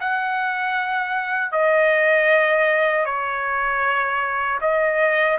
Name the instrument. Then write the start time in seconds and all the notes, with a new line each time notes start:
trumpet
0.00 F#5
1.51 D#5
3.05 C#5
4.61 D#5